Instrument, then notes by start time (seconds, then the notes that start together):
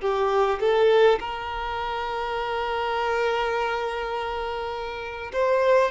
violin
0.00 G4
0.60 A4
1.20 A#4
5.32 C5